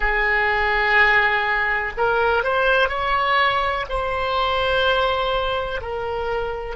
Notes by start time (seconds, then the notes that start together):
0.00 G#4
1.97 A#4
2.43 C5
2.88 C#5
3.89 C5
5.81 A#4